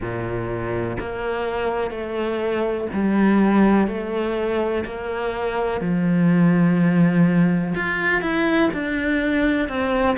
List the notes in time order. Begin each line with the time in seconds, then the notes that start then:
0.00 A#2
1.00 A#3
1.90 A3
2.93 G3
3.87 A3
4.85 A#3
5.81 F3
7.75 F4
8.21 E4
8.73 D4
9.68 C4